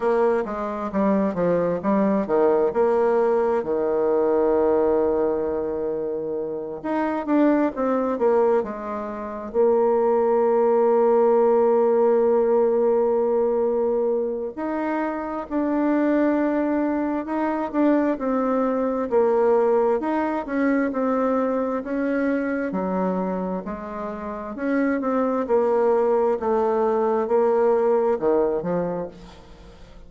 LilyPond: \new Staff \with { instrumentName = "bassoon" } { \time 4/4 \tempo 4 = 66 ais8 gis8 g8 f8 g8 dis8 ais4 | dis2.~ dis8 dis'8 | d'8 c'8 ais8 gis4 ais4.~ | ais1 |
dis'4 d'2 dis'8 d'8 | c'4 ais4 dis'8 cis'8 c'4 | cis'4 fis4 gis4 cis'8 c'8 | ais4 a4 ais4 dis8 f8 | }